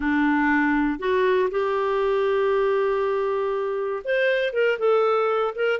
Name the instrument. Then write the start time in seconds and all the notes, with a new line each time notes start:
clarinet
0.00 D4
0.99 F#4
1.50 G4
4.04 C5
4.53 A#4
4.79 A4
5.55 A#4